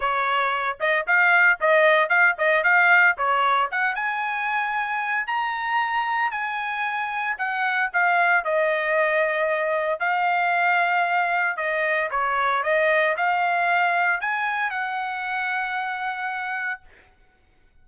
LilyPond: \new Staff \with { instrumentName = "trumpet" } { \time 4/4 \tempo 4 = 114 cis''4. dis''8 f''4 dis''4 | f''8 dis''8 f''4 cis''4 fis''8 gis''8~ | gis''2 ais''2 | gis''2 fis''4 f''4 |
dis''2. f''4~ | f''2 dis''4 cis''4 | dis''4 f''2 gis''4 | fis''1 | }